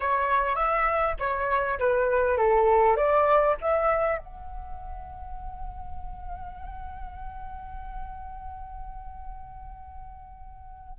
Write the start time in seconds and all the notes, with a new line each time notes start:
0.00 C#5
0.55 E5
1.19 C#5
1.79 B4
2.37 A4
2.96 D5
3.61 E5
4.17 F#5